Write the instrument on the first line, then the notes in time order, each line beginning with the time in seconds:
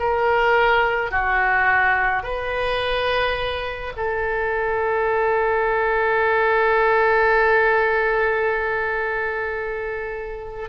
oboe
0.00 A#4
1.12 F#4
2.24 B4
3.97 A4